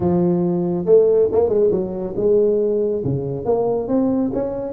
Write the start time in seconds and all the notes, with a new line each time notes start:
0.00 F3
0.85 A3
1.32 A#3
1.48 G#3
1.71 F#3
2.16 G#3
3.04 C#3
3.45 A#3
3.88 C4
4.33 C#4